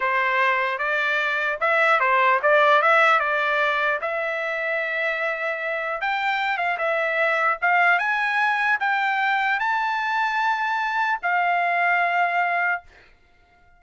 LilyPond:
\new Staff \with { instrumentName = "trumpet" } { \time 4/4 \tempo 4 = 150 c''2 d''2 | e''4 c''4 d''4 e''4 | d''2 e''2~ | e''2. g''4~ |
g''8 f''8 e''2 f''4 | gis''2 g''2 | a''1 | f''1 | }